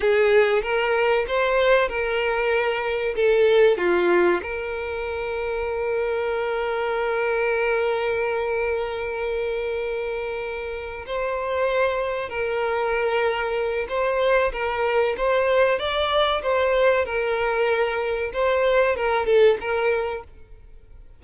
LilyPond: \new Staff \with { instrumentName = "violin" } { \time 4/4 \tempo 4 = 95 gis'4 ais'4 c''4 ais'4~ | ais'4 a'4 f'4 ais'4~ | ais'1~ | ais'1~ |
ais'4. c''2 ais'8~ | ais'2 c''4 ais'4 | c''4 d''4 c''4 ais'4~ | ais'4 c''4 ais'8 a'8 ais'4 | }